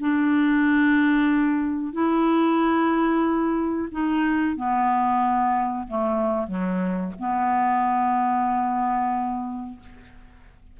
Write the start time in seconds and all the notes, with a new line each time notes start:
0.00 D4
1.93 E4
3.91 D#4
4.57 B3
5.88 A3
6.47 F#3
7.19 B3